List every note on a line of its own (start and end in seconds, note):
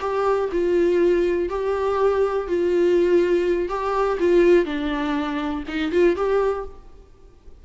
0.00 0.49 G4
0.52 1.49 F4
1.49 2.47 G4
2.47 3.69 F4
3.69 4.18 G4
4.19 4.65 F4
4.65 5.64 D4
5.67 5.91 D#4
5.91 6.16 F4
6.16 6.65 G4